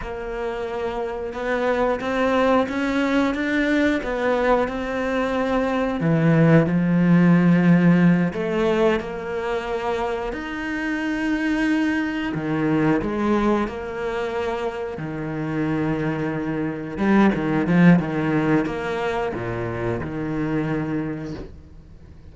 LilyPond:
\new Staff \with { instrumentName = "cello" } { \time 4/4 \tempo 4 = 90 ais2 b4 c'4 | cis'4 d'4 b4 c'4~ | c'4 e4 f2~ | f8 a4 ais2 dis'8~ |
dis'2~ dis'8 dis4 gis8~ | gis8 ais2 dis4.~ | dis4. g8 dis8 f8 dis4 | ais4 ais,4 dis2 | }